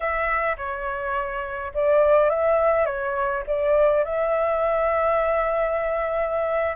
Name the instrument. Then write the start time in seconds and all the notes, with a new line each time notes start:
flute
0.00 E5
0.57 C#5
1.73 D5
2.29 E5
2.85 C#5
3.46 D5
4.04 E5